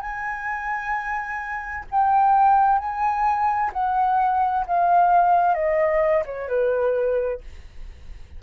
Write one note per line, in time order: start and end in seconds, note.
0.00 1.85 G#5
1.91 2.78 G5
2.78 3.70 G#5
3.73 4.65 F#5
4.66 5.54 F5
5.54 6.23 D#5
6.25 6.48 C#5
6.48 7.40 B4